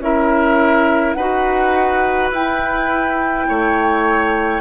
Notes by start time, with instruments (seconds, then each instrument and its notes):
0.00 bassoon C#4, clarinet E4, oboe A#4, flute E5
1.14 bassoon D#4, clarinet F#4, oboe B4, flute F#5
2.31 bassoon E4, clarinet E4, flute G5
3.49 bassoon A3, oboe C#5